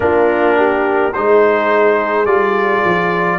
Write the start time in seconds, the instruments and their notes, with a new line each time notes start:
0.00 tuba A#3, trombone D4, horn F4, trumpet A#4
0.56 horn G4
1.13 tuba G#3, trombone D#4, horn G#4, trumpet C5
2.25 tuba G3, trombone F4, trumpet D5
2.84 tuba F3